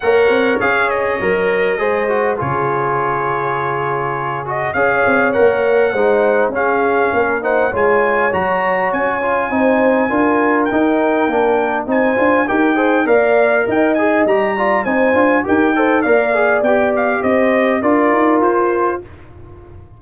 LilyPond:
<<
  \new Staff \with { instrumentName = "trumpet" } { \time 4/4 \tempo 4 = 101 fis''4 f''8 dis''2~ dis''8 | cis''2.~ cis''8 dis''8 | f''4 fis''2 f''4~ | f''8 fis''8 gis''4 ais''4 gis''4~ |
gis''2 g''2 | gis''4 g''4 f''4 g''8 gis''8 | ais''4 gis''4 g''4 f''4 | g''8 f''8 dis''4 d''4 c''4 | }
  \new Staff \with { instrumentName = "horn" } { \time 4/4 cis''2. c''4 | gis'1 | cis''2 c''4 gis'4 | ais'8 c''8 cis''2. |
c''4 ais'2. | c''4 ais'8 c''8 d''4 dis''4~ | dis''8 d''8 c''4 ais'8 c''8 d''4~ | d''4 c''4 ais'2 | }
  \new Staff \with { instrumentName = "trombone" } { \time 4/4 ais'4 gis'4 ais'4 gis'8 fis'8 | f'2.~ f'8 fis'8 | gis'4 ais'4 dis'4 cis'4~ | cis'8 dis'8 f'4 fis'4. f'8 |
dis'4 f'4 dis'4 d'4 | dis'8 f'8 g'8 gis'8 ais'4. gis'8 | g'8 f'8 dis'8 f'8 g'8 a'8 ais'8 gis'8 | g'2 f'2 | }
  \new Staff \with { instrumentName = "tuba" } { \time 4/4 ais8 c'8 cis'4 fis4 gis4 | cis1 | cis'8 c'8 ais4 gis4 cis'4 | ais4 gis4 fis4 cis'4 |
c'4 d'4 dis'4 ais4 | c'8 d'8 dis'4 ais4 dis'4 | g4 c'8 d'8 dis'4 ais4 | b4 c'4 d'8 dis'8 f'4 | }
>>